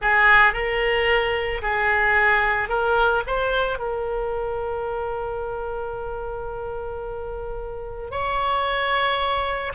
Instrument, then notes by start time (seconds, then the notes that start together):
oboe
0.01 G#4
0.53 A#4
1.62 G#4
2.68 A#4
3.26 C5
3.78 A#4
8.10 C#5